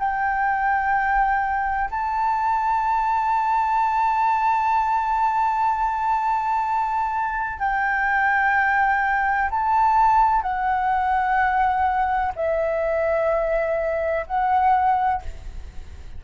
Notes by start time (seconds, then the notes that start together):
0.00 G5
1.91 A5
7.60 G5
9.51 A5
10.42 F#5
12.36 E5
14.27 F#5